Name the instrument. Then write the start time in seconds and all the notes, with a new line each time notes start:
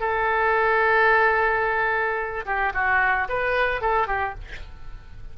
oboe
0.00 A4
2.46 G4
2.74 F#4
3.29 B4
3.81 A4
4.08 G4